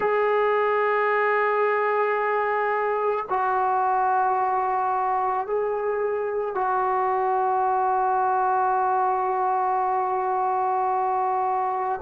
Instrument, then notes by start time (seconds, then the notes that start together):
trombone
0.00 G#4
3.29 F#4
5.46 G#4
6.55 F#4